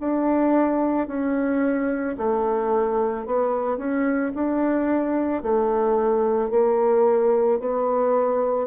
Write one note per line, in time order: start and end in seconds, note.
0.00 1.07 D4
1.07 2.16 C#4
2.17 3.26 A3
3.26 3.77 B3
3.77 4.32 C#4
4.34 5.42 D4
5.42 6.50 A3
6.50 7.59 A#3
7.60 8.67 B3